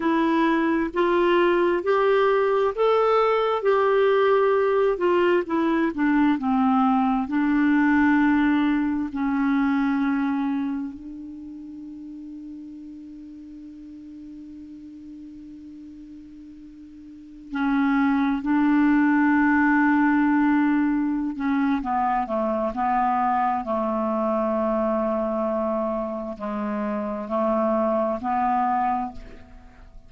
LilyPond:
\new Staff \with { instrumentName = "clarinet" } { \time 4/4 \tempo 4 = 66 e'4 f'4 g'4 a'4 | g'4. f'8 e'8 d'8 c'4 | d'2 cis'2 | d'1~ |
d'2.~ d'16 cis'8.~ | cis'16 d'2.~ d'16 cis'8 | b8 a8 b4 a2~ | a4 gis4 a4 b4 | }